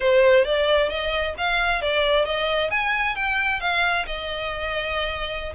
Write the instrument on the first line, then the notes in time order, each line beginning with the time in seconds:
violin
0.00 C5
0.44 D5
0.89 D#5
1.37 F5
1.81 D5
2.25 D#5
2.70 G#5
3.15 G5
3.60 F5
4.06 D#5